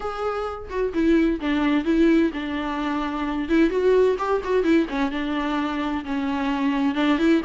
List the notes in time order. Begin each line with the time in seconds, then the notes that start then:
0.00 G#4
0.69 F#4
0.93 E4
1.40 D4
1.85 E4
2.33 D4
3.48 E4
3.70 F#4
4.18 G4
4.43 F#4
4.63 E4
4.89 C#4
5.11 D4
6.04 C#4
6.95 D4
7.18 E4